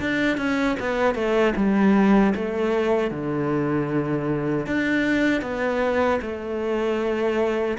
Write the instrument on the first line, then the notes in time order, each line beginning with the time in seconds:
cello
0.00 D4
0.37 C#4
0.79 B3
1.14 A3
1.55 G3
2.35 A3
3.11 D3
4.66 D4
5.42 B3
6.21 A3